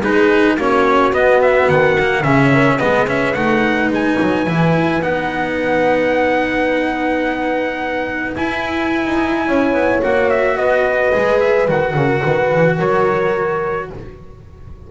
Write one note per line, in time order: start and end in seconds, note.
0.00 0.57 G#3
0.00 0.59 D#4
0.00 0.56 G#4
0.00 0.59 B4
0.57 1.13 A#3
0.57 1.13 C#4
0.57 2.24 F#4
0.57 1.14 C#5
1.13 1.96 B3
1.13 1.69 B3
1.13 1.41 D#5
1.42 1.69 E5
1.69 2.24 D#3
1.69 2.24 F#5
2.00 2.24 A#3
2.24 2.79 C#3
2.24 2.80 C#4
2.24 2.52 G#4
2.24 2.79 E5
2.54 2.75 A#4
2.75 3.07 B3
2.75 9.42 B4
2.75 3.07 D#5
2.83 3.35 G#3
3.07 3.35 C#4
3.07 3.34 E5
3.34 3.89 A3
3.34 4.46 D#4
3.34 3.89 F#5
3.89 4.17 G#3
3.89 5.02 G#5
4.22 4.47 F#3
4.46 5.02 E3
4.46 5.02 E4
5.02 8.36 B3
5.02 8.36 D#4
5.02 8.36 F#5
8.36 10.03 E4
8.36 9.06 E4
8.36 10.03 G#5
9.06 9.47 D#4
9.47 9.73 C#4
9.47 10.57 C#5
9.73 10.01 B3
10.03 10.57 A#3
10.03 11.13 F#4
10.03 10.30 F#5
10.30 10.58 E5
10.57 11.13 B3
10.57 11.96 B4
10.57 11.40 D#5
11.13 11.68 G#3
11.13 11.68 G#4
11.40 11.68 E5
11.68 11.94 D#3
11.68 13.90 F#4
11.68 12.80 F#5
11.94 12.22 C#3
11.94 12.23 A#4
12.23 12.53 D#3
12.23 12.78 B4
12.53 12.80 E3
12.78 13.91 F#3
12.78 13.89 A#4
12.78 13.91 C#5